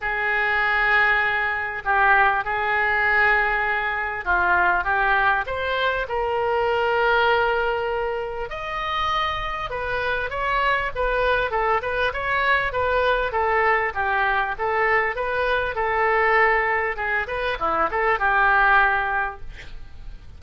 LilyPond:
\new Staff \with { instrumentName = "oboe" } { \time 4/4 \tempo 4 = 99 gis'2. g'4 | gis'2. f'4 | g'4 c''4 ais'2~ | ais'2 dis''2 |
b'4 cis''4 b'4 a'8 b'8 | cis''4 b'4 a'4 g'4 | a'4 b'4 a'2 | gis'8 b'8 e'8 a'8 g'2 | }